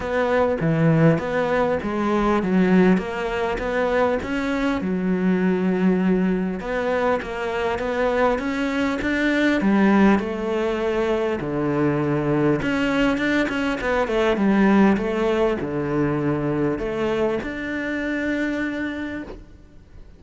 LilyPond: \new Staff \with { instrumentName = "cello" } { \time 4/4 \tempo 4 = 100 b4 e4 b4 gis4 | fis4 ais4 b4 cis'4 | fis2. b4 | ais4 b4 cis'4 d'4 |
g4 a2 d4~ | d4 cis'4 d'8 cis'8 b8 a8 | g4 a4 d2 | a4 d'2. | }